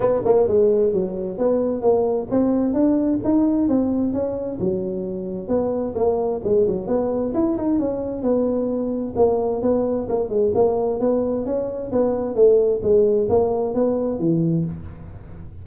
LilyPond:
\new Staff \with { instrumentName = "tuba" } { \time 4/4 \tempo 4 = 131 b8 ais8 gis4 fis4 b4 | ais4 c'4 d'4 dis'4 | c'4 cis'4 fis2 | b4 ais4 gis8 fis8 b4 |
e'8 dis'8 cis'4 b2 | ais4 b4 ais8 gis8 ais4 | b4 cis'4 b4 a4 | gis4 ais4 b4 e4 | }